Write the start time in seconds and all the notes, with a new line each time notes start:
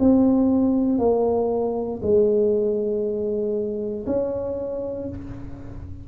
0.00 C4
0.99 A#3
2.03 G#3
4.07 C#4